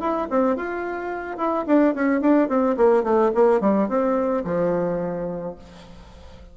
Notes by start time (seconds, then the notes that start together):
0.00 E4
0.30 C4
0.56 F4
1.37 E4
1.66 D4
1.94 C#4
2.21 D4
2.48 C4
2.77 A#3
3.03 A3
3.34 A#3
3.61 G3
3.88 C4
4.44 F3